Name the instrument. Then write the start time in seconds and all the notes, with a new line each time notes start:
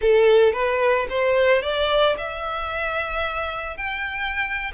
violin
0.01 A4
0.52 B4
1.09 C5
1.62 D5
2.17 E5
3.77 G5